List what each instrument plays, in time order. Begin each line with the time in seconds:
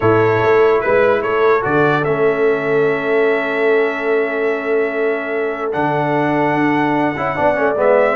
0.00 tuba A2, trombone E4, horn A4, trumpet C#5
0.42 tuba A3
0.80 tuba G#3, trumpet B4, horn B4
1.22 tuba A3, horn A4, trumpet C#5
1.61 tuba D3, trombone F#4, trumpet D5
2.04 tuba A3, trombone C#4, trumpet E5
5.72 tuba D3, trombone D4, trumpet F#5
6.54 tuba D4
7.16 tuba C#4, trombone E4
7.35 tuba B3, trombone D4, horn D5
7.55 tuba A3, trombone C#4
7.75 tuba G#3, trombone B3, trumpet E5